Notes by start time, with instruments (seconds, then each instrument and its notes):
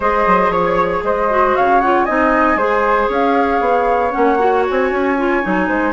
0.00 bassoon G#3, clarinet G#4, flute C5 D#5
0.26 bassoon F#3
0.49 bassoon F3, flute C#5
1.03 bassoon G#3, flute C5 D#5
1.29 clarinet F#4
1.55 bassoon C#3, flute C#5 F5
1.80 clarinet F4, flute F#5
2.04 bassoon C4, clarinet D#4, flute D#5 G#5
2.55 bassoon G#3, clarinet G#4, flute C5
3.08 bassoon C#4, flute C#5 F5
3.60 bassoon B3
4.11 bassoon A#3, clarinet C#4, flute F#5
4.38 clarinet F#4
4.69 bassoon C4, flute G#5
4.91 bassoon C#4
5.17 clarinet F4
5.42 bassoon F#3, clarinet D#4
5.67 bassoon G#3, flute C5